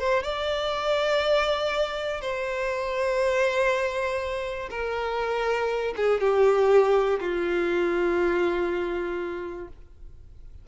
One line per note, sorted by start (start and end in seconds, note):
0.00 0.24 C5
0.24 2.22 D5
2.22 4.70 C5
4.71 5.95 A#4
5.97 6.21 G#4
6.21 7.20 G4
7.21 9.69 F4